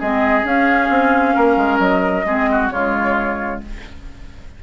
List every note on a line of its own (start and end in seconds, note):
0.00 0.44 G#3
0.00 0.43 C4
0.00 1.35 G#4
0.00 0.46 D#5
0.43 2.23 C#4
0.43 0.89 C#4
0.43 1.79 F5
0.90 1.35 C4
1.35 1.57 A#3
1.35 2.26 A#4
1.57 1.79 G#3
1.79 2.25 F#3
1.79 2.69 D#5
2.26 2.71 G#3
2.26 2.72 C4
2.26 2.50 G#4
2.52 2.73 F#4
2.71 3.61 C#3
2.71 3.63 G#3
2.71 3.63 F4
2.71 3.61 C#5